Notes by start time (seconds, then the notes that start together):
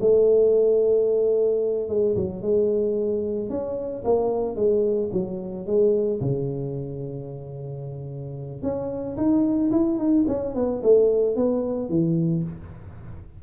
0.00 A3
1.88 G#3
2.16 F#3
2.42 G#3
3.49 C#4
4.04 A#3
4.56 G#3
5.12 F#3
5.66 G#3
6.20 C#3
8.62 C#4
9.17 D#4
9.71 E4
9.98 D#4
10.28 C#4
10.55 B3
10.83 A3
11.36 B3
11.89 E3